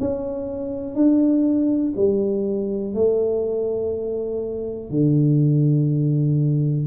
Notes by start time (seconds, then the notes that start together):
0.00 C#4
0.95 D4
1.97 G3
2.95 A3
4.91 D3